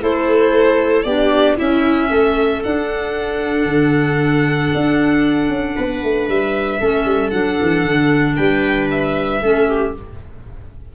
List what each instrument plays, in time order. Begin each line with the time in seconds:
0.00 tuba A3, clarinet E4, viola A4, violin C5
1.03 tuba B3, clarinet D4, viola G4, violin D5
1.56 clarinet C#4, tuba C#4, viola E4, violin E5
2.10 tuba A3, viola A4
2.63 clarinet D4, tuba D4, violin F#5
3.65 tuba D3
4.74 tuba D4
5.49 tuba C#4
5.76 tuba B3, viola B4
6.03 tuba A3
6.28 tuba G3, violin E5
6.80 tuba A3, clarinet C#4, viola A4
7.05 tuba G3
7.30 tuba F#3, clarinet D4, violin F#5
7.62 tuba E3
7.84 tuba D3
8.36 tuba G3, viola B4, violin G5
8.91 violin E5
9.42 tuba A3, clarinet C#4, viola A4
9.68 viola G4